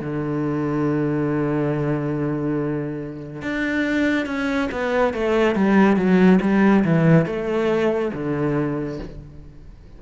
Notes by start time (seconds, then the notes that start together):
0.00 D3
3.42 D4
4.25 C#4
4.71 B3
5.13 A3
5.55 G3
5.96 F#3
6.41 G3
6.84 E3
7.25 A3
8.13 D3